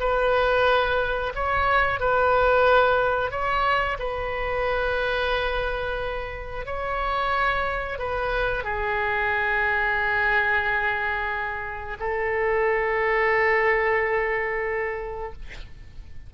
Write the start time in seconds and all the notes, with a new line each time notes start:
0.00 B4
1.35 C#5
2.00 B4
3.31 C#5
3.99 B4
6.66 C#5
7.99 B4
8.64 G#4
12.00 A4